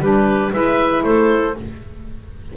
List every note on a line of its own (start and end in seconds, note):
0.00 0.52 G3
0.00 0.52 D4
0.00 0.52 G4
0.00 0.54 B4
0.52 1.04 G#3
0.52 1.56 E4
0.52 1.04 B4
0.52 1.04 E5
1.04 1.55 A3
1.04 1.57 A4
1.04 1.56 C5